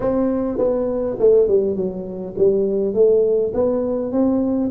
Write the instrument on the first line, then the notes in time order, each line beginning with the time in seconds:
tuba
0.00 C4
0.57 B3
1.19 A3
1.48 G3
1.76 F#3
2.37 G3
2.94 A3
3.53 B3
4.12 C4